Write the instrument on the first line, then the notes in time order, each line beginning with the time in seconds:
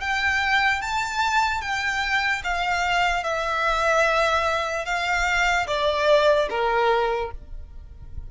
violin
0.00 G5
0.81 A5
1.61 G5
2.43 F5
3.23 E5
4.85 F5
5.67 D5
6.50 A#4